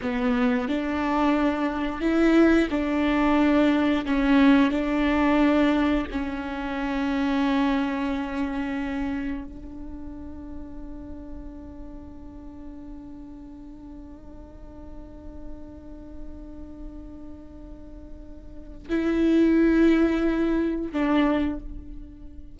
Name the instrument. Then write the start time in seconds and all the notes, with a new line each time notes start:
viola
0.02 B3
0.68 D4
2.00 E4
2.70 D4
4.05 C#4
4.71 D4
6.11 C#4
9.44 D4
18.89 E4
20.92 D4